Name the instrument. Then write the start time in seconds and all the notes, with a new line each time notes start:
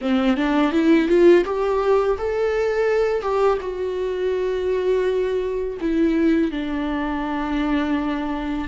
viola
0.01 C4
0.36 D4
0.72 E4
1.08 F4
1.45 G4
2.18 A4
3.22 G4
3.60 F#4
5.80 E4
6.51 D4